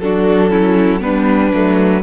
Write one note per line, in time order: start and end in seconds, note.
0.00 1.01 F#3
0.00 0.50 D4
0.00 0.51 F#4
0.00 1.01 A4
0.50 1.00 C#4
0.50 1.01 E4
1.00 1.52 G3
1.00 1.51 B3
1.00 2.03 D4
1.00 2.03 B4
1.53 2.03 F#3
1.53 2.03 A3